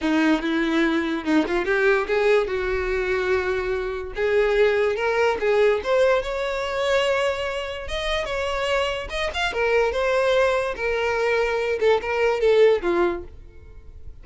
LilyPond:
\new Staff \with { instrumentName = "violin" } { \time 4/4 \tempo 4 = 145 dis'4 e'2 dis'8 f'8 | g'4 gis'4 fis'2~ | fis'2 gis'2 | ais'4 gis'4 c''4 cis''4~ |
cis''2. dis''4 | cis''2 dis''8 f''8 ais'4 | c''2 ais'2~ | ais'8 a'8 ais'4 a'4 f'4 | }